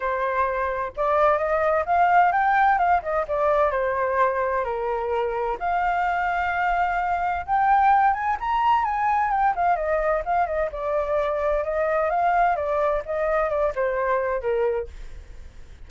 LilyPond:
\new Staff \with { instrumentName = "flute" } { \time 4/4 \tempo 4 = 129 c''2 d''4 dis''4 | f''4 g''4 f''8 dis''8 d''4 | c''2 ais'2 | f''1 |
g''4. gis''8 ais''4 gis''4 | g''8 f''8 dis''4 f''8 dis''8 d''4~ | d''4 dis''4 f''4 d''4 | dis''4 d''8 c''4. ais'4 | }